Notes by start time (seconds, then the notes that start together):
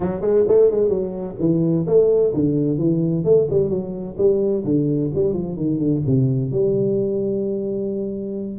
0.00 F#3
0.21 G#3
0.48 A3
0.70 G#3
0.88 F#3
1.39 E3
1.86 A3
2.34 D3
2.78 E3
3.24 A3
3.49 G3
3.69 F#3
4.17 G3
4.64 D3
5.14 G3
5.33 F3
5.56 D#3
5.78 D3
6.06 C3
6.51 G3